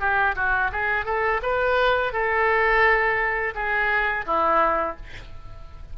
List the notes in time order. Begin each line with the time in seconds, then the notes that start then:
0.00 G4
0.35 F#4
0.72 G#4
1.05 A4
1.42 B4
2.13 A4
3.55 G#4
4.26 E4